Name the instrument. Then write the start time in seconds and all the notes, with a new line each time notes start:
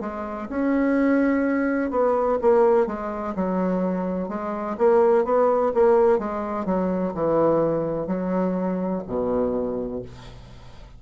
bassoon
0.00 G#3
0.49 C#4
1.90 B3
2.41 A#3
2.87 G#3
3.35 F#3
4.29 G#3
4.77 A#3
5.24 B3
5.74 A#3
6.19 G#3
6.65 F#3
7.14 E3
8.07 F#3
9.07 B2